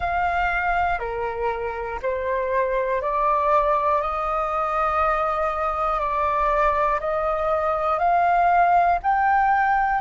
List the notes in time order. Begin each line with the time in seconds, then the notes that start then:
0.00 F5
0.99 A#4
2.02 C5
3.01 D5
4.01 D#5
5.99 D5
7.00 D#5
7.98 F5
9.02 G5